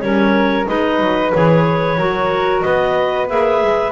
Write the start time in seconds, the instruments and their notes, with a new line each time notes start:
0.00 double bass G3, clarinet C#4 C#5, flute A#4
0.66 double bass G#3, clarinet D#4 D#5, flute B4
1.00 double bass F#3
1.33 double bass E3, clarinet G#4 C#5
1.98 double bass F#3, clarinet F#4, flute A#4
2.61 double bass B3, flute B4, clarinet D#5
3.29 double bass A#3, clarinet G#4 E5
3.63 double bass G#3